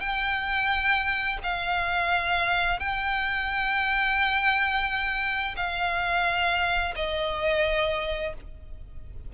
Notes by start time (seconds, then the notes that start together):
0.00 G5
1.43 F5
2.79 G5
5.56 F5
6.95 D#5